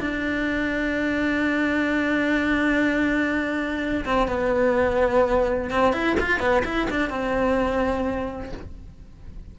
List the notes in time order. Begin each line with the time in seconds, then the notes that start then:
0.00 D4
4.05 C4
4.28 B3
5.71 C4
5.93 E4
6.20 F4
6.40 B3
6.65 E4
6.91 D4
7.10 C4